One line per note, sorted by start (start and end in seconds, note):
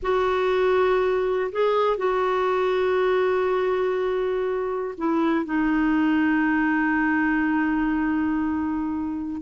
0.02 1.51 F#4
1.51 1.97 G#4
1.97 4.95 F#4
4.97 5.45 E4
5.45 9.41 D#4